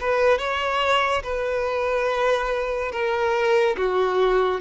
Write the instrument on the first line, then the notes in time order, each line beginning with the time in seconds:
violin
0.00 B4
0.38 C#5
1.23 B4
2.92 A#4
3.77 F#4